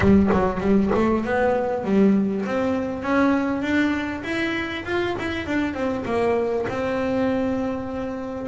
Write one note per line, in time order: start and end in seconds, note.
0.00 0.29 G3
0.32 0.60 F#3
0.60 0.90 G3
0.94 1.25 A3
1.25 1.84 B3
1.84 2.45 G3
2.45 3.02 C4
3.02 3.62 C#4
3.62 4.22 D4
4.23 4.84 E4
4.85 5.15 F4
5.18 5.46 E4
5.46 5.74 D4
5.74 6.04 C4
6.05 6.66 A#3
6.68 8.47 C4